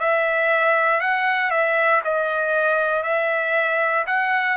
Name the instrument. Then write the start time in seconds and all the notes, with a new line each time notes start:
trumpet
0.00 E5
1.01 F#5
1.51 E5
2.04 D#5
3.03 E5
4.07 F#5